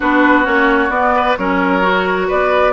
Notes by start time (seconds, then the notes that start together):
0.00 B3 D4 F#4 B4
0.44 A#3 C#4 C#5
0.89 B3 D5
1.15 B4
1.36 F#3 C#4 A#4 C#5
1.82 F#4
2.27 B3 B4 D5